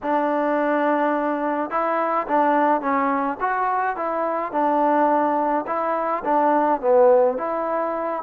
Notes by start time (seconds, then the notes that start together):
0.02 D4
1.70 E4
2.27 D4
2.81 C#4
3.40 F#4
3.96 E4
4.52 D4
5.66 E4
6.24 D4
6.81 B3
7.37 E4